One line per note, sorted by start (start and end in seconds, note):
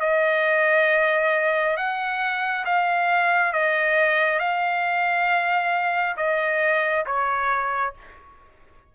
0.00 1.76 D#5
1.76 2.65 F#5
2.65 3.53 F5
3.53 4.39 D#5
4.39 6.16 F5
6.17 7.05 D#5
7.05 7.94 C#5